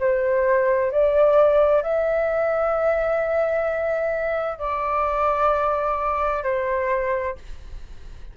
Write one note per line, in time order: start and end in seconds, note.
0.00 0.91 C5
0.91 1.83 D5
1.83 4.59 E5
4.59 6.43 D5
6.44 7.36 C5